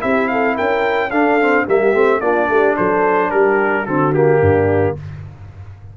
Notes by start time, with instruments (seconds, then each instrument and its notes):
0.00 tuba C4, trombone E4, horn G4, trumpet E5
0.28 horn A4, trumpet F5
0.55 tuba C#4, horn A#4, trumpet G5
1.11 tuba D4, trombone D4, horn A4, trumpet F5
1.41 trombone C4
1.66 tuba G3, trombone A#3, horn G4, trumpet E5
1.94 tuba A3, trombone C4
2.21 tuba A#3, trombone D4, horn F4, trumpet D5
2.49 tuba A3, horn G4
2.77 tuba F#3, horn A4, trumpet C5
3.30 tuba G3, horn G4, trumpet A#4
3.86 tuba D3, trombone C4, horn F#4, trumpet A4
4.14 trombone A#3, trumpet G4
4.41 tuba G2, horn D4